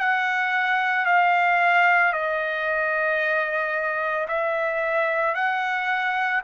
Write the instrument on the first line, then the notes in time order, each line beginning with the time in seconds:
trumpet
0.00 F#5
1.06 F5
2.13 D#5
4.28 E5
5.35 F#5